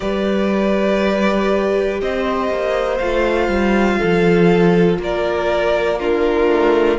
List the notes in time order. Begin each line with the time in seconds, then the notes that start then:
0.00 G3 G4 B4 D5
2.01 C4 C5 D#5
2.50 A#3
2.98 A3 F4 F5
3.48 G3
3.99 F3 A4
4.98 A#3 A#4 D5
5.99 D4 F4 A#4
6.47 A3